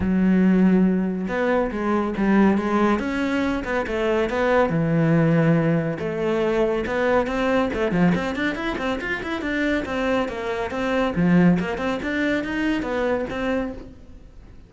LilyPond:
\new Staff \with { instrumentName = "cello" } { \time 4/4 \tempo 4 = 140 fis2. b4 | gis4 g4 gis4 cis'4~ | cis'8 b8 a4 b4 e4~ | e2 a2 |
b4 c'4 a8 f8 c'8 d'8 | e'8 c'8 f'8 e'8 d'4 c'4 | ais4 c'4 f4 ais8 c'8 | d'4 dis'4 b4 c'4 | }